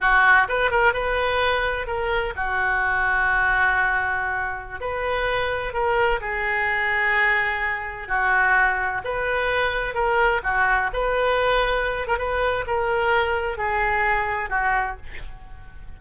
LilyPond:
\new Staff \with { instrumentName = "oboe" } { \time 4/4 \tempo 4 = 128 fis'4 b'8 ais'8 b'2 | ais'4 fis'2.~ | fis'2~ fis'16 b'4.~ b'16~ | b'16 ais'4 gis'2~ gis'8.~ |
gis'4~ gis'16 fis'2 b'8.~ | b'4~ b'16 ais'4 fis'4 b'8.~ | b'4.~ b'16 ais'16 b'4 ais'4~ | ais'4 gis'2 fis'4 | }